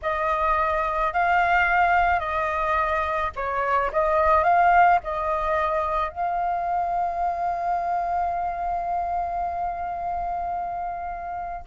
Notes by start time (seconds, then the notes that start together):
0.02 D#5
1.13 F5
2.19 D#5
3.35 C#5
3.92 D#5
4.43 F5
5.03 D#5
6.09 F5